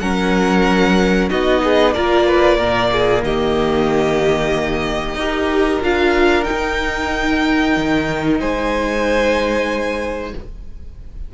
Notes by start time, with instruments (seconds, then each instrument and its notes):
0.00 cello F#3, viola C#4, violin A#4 F#5
1.30 cello B3, viola D#4, violin F#4 D#5
1.64 violin G#4
1.93 cello A#3, viola F4, violin A#4 D5
2.27 violin B4
2.57 cello A#2, viola A#3, violin A#4
2.92 violin G#4
3.23 cello D#3, violin G4 D#5
5.14 cello D#4, viola G4, violin A#4
5.82 cello D4, viola F4, violin F5
6.44 viola D#4, violin G5
6.51 cello D#4
7.77 cello D#3
8.40 cello G#3, violin C5 G#5